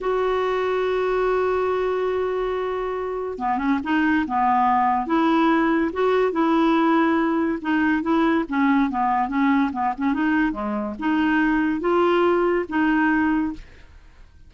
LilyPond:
\new Staff \with { instrumentName = "clarinet" } { \time 4/4 \tempo 4 = 142 fis'1~ | fis'1 | b8 cis'8 dis'4 b2 | e'2 fis'4 e'4~ |
e'2 dis'4 e'4 | cis'4 b4 cis'4 b8 cis'8 | dis'4 gis4 dis'2 | f'2 dis'2 | }